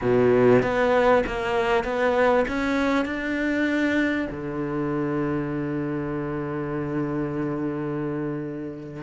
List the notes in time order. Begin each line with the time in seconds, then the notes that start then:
0.01 B2
0.62 B3
1.26 A#3
1.83 B3
2.47 C#4
3.05 D4
4.30 D3